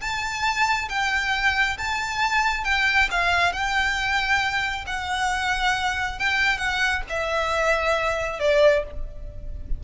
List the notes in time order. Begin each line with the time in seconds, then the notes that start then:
0.00 A5
0.89 G5
1.77 A5
2.64 G5
3.10 F5
3.52 G5
4.86 F#5
6.19 G5
6.57 F#5
7.09 E5
8.39 D5